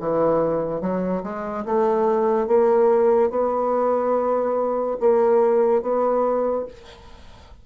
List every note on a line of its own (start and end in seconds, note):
0.00 0.81 E3
0.81 1.23 F#3
1.23 1.65 G#3
1.65 2.47 A3
2.47 3.30 A#3
3.30 4.97 B3
5.00 5.82 A#3
5.82 6.65 B3